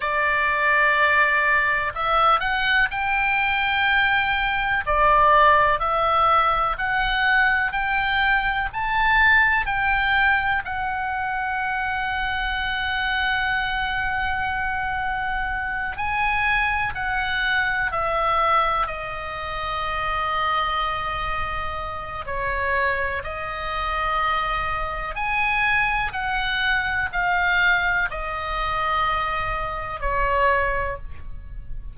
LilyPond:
\new Staff \with { instrumentName = "oboe" } { \time 4/4 \tempo 4 = 62 d''2 e''8 fis''8 g''4~ | g''4 d''4 e''4 fis''4 | g''4 a''4 g''4 fis''4~ | fis''1~ |
fis''8 gis''4 fis''4 e''4 dis''8~ | dis''2. cis''4 | dis''2 gis''4 fis''4 | f''4 dis''2 cis''4 | }